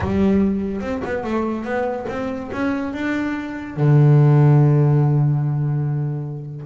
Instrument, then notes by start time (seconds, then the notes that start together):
double bass
0.00 G3
0.80 C4
1.04 B3
1.23 A3
1.64 B3
2.09 C4
2.52 C#4
2.93 D4
3.76 D3